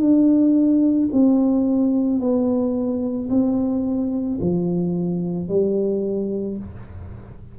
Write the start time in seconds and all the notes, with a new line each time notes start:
0.00 D4
1.13 C4
2.20 B3
3.30 C4
4.41 F3
5.48 G3